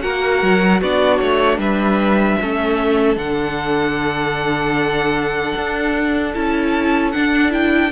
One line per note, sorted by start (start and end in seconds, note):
0.00 0.42 A#3
0.00 0.79 F#4
0.00 0.81 A#4
0.00 0.80 F#5
0.42 0.81 F#3
0.81 1.21 B3
0.81 2.41 D4
0.81 1.59 F#4
0.81 1.19 D5
1.19 1.58 A3
1.19 1.58 C#5
1.58 2.37 G3
1.58 2.38 B4
1.58 3.18 E5
2.41 3.17 A3
2.41 3.16 C#4
2.41 7.92 A4
3.16 5.53 D3
3.16 6.32 D4
3.16 6.34 F#5
5.55 6.34 D4
6.34 7.14 C#4
6.34 7.13 E4
6.34 7.12 A5
7.12 7.50 D4
7.12 7.92 D4
7.12 7.51 F#5
7.50 7.89 E4
7.50 7.92 G5